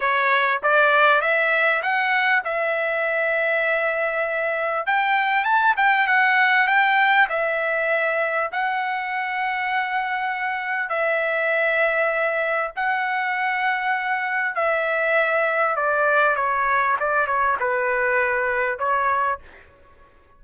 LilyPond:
\new Staff \with { instrumentName = "trumpet" } { \time 4/4 \tempo 4 = 99 cis''4 d''4 e''4 fis''4 | e''1 | g''4 a''8 g''8 fis''4 g''4 | e''2 fis''2~ |
fis''2 e''2~ | e''4 fis''2. | e''2 d''4 cis''4 | d''8 cis''8 b'2 cis''4 | }